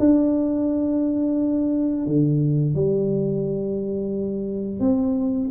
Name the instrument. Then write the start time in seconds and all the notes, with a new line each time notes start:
tuba
0.00 D4
2.07 D3
2.75 G3
4.80 C4